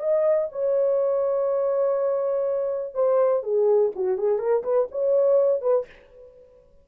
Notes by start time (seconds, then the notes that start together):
0.00 D#5
0.52 C#5
2.95 C5
3.43 G#4
3.96 F#4
4.18 G#4
4.39 A#4
4.64 B4
4.92 C#5
5.62 B4